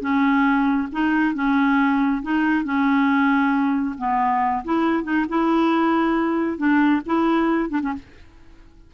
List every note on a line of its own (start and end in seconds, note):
0.00 0.88 C#4
0.92 1.34 D#4
1.34 2.22 C#4
2.22 2.64 D#4
2.64 3.95 C#4
3.98 4.63 B3
4.64 5.03 E4
5.03 5.25 D#4
5.28 6.57 E4
6.57 7.01 D4
7.06 7.69 E4
7.69 7.80 D4
7.82 7.93 C#4